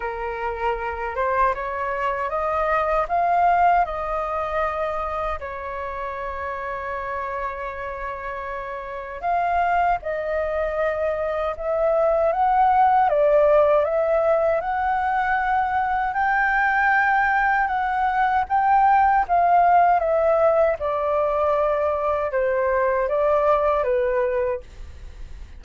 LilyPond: \new Staff \with { instrumentName = "flute" } { \time 4/4 \tempo 4 = 78 ais'4. c''8 cis''4 dis''4 | f''4 dis''2 cis''4~ | cis''1 | f''4 dis''2 e''4 |
fis''4 d''4 e''4 fis''4~ | fis''4 g''2 fis''4 | g''4 f''4 e''4 d''4~ | d''4 c''4 d''4 b'4 | }